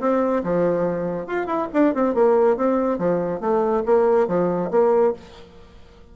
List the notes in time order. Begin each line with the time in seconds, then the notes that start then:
0.00 C4
0.44 F3
1.27 F4
1.46 E4
1.73 D4
1.94 C4
2.14 A#3
2.57 C4
2.99 F3
3.40 A3
3.86 A#3
4.28 F3
4.71 A#3